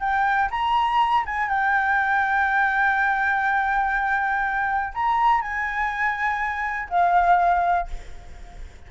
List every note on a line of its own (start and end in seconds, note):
0.00 0.49 G5
0.51 1.24 A#5
1.26 1.49 G#5
1.49 4.93 G5
4.94 5.41 A#5
5.41 6.89 G#5
6.89 7.88 F5